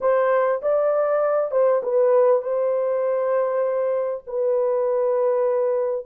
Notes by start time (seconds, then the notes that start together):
0.00 C5
0.62 D5
1.51 C5
1.83 B4
2.42 C5
4.26 B4